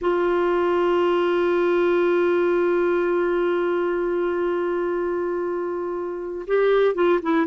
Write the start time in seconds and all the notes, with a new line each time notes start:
0.01 F4
6.47 G4
6.94 F4
7.22 E4